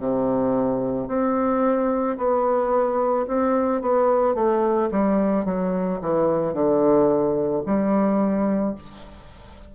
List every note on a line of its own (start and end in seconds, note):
0.00 1.08 C3
1.08 2.17 C4
2.18 3.27 B3
3.28 3.82 C4
3.82 4.35 B3
4.35 4.89 A3
4.92 5.45 G3
5.45 6.00 F#3
6.02 6.54 E3
6.54 7.63 D3
7.66 8.76 G3